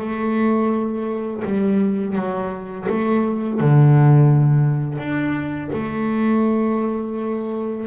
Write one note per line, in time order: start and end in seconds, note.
0.00 1.43 A3
1.44 2.16 G3
2.16 2.87 F#3
2.89 3.60 A3
3.60 4.98 D3
4.98 5.70 D4
5.73 7.87 A3